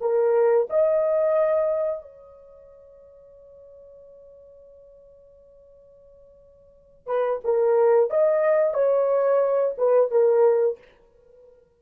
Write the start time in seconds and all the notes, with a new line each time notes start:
0.00 A#4
0.69 D#5
2.02 C#5
7.06 B4
7.44 A#4
8.10 D#5
8.73 C#5
9.77 B4
10.11 A#4